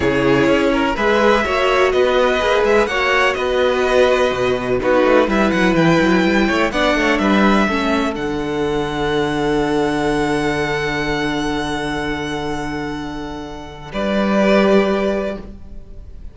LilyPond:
<<
  \new Staff \with { instrumentName = "violin" } { \time 4/4 \tempo 4 = 125 cis''2 e''2 | dis''4. e''8 fis''4 dis''4~ | dis''2 b'4 e''8 fis''8 | g''2 fis''4 e''4~ |
e''4 fis''2.~ | fis''1~ | fis''1~ | fis''4 d''2. | }
  \new Staff \with { instrumentName = "violin" } { \time 4/4 gis'4. ais'8 b'4 cis''4 | b'2 cis''4 b'4~ | b'2 fis'4 b'4~ | b'4. cis''8 d''8 cis''8 b'4 |
a'1~ | a'1~ | a'1~ | a'4 b'2. | }
  \new Staff \with { instrumentName = "viola" } { \time 4/4 e'2 gis'4 fis'4~ | fis'4 gis'4 fis'2~ | fis'2 dis'4 e'4~ | e'2 d'2 |
cis'4 d'2.~ | d'1~ | d'1~ | d'2 g'2 | }
  \new Staff \with { instrumentName = "cello" } { \time 4/4 cis4 cis'4 gis4 ais4 | b4 ais8 gis8 ais4 b4~ | b4 b,4 b8 a8 g8 fis8 | e8 fis8 g8 a8 b8 a8 g4 |
a4 d2.~ | d1~ | d1~ | d4 g2. | }
>>